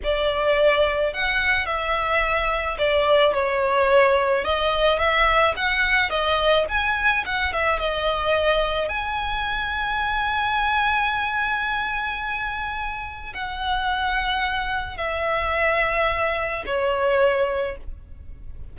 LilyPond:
\new Staff \with { instrumentName = "violin" } { \time 4/4 \tempo 4 = 108 d''2 fis''4 e''4~ | e''4 d''4 cis''2 | dis''4 e''4 fis''4 dis''4 | gis''4 fis''8 e''8 dis''2 |
gis''1~ | gis''1 | fis''2. e''4~ | e''2 cis''2 | }